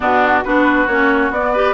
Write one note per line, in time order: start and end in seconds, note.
0.00 0.44 B2
0.00 0.42 B3
0.00 0.44 D4
0.00 0.44 F#4
0.44 0.87 B3
0.44 0.88 D4
0.44 1.52 F#4
0.44 0.87 B4
0.87 1.30 A#3
0.87 1.33 C#4
0.87 1.31 C#5
1.30 1.74 B3
1.30 1.55 B3
1.30 1.74 D5
1.52 1.74 G4
1.52 1.74 B4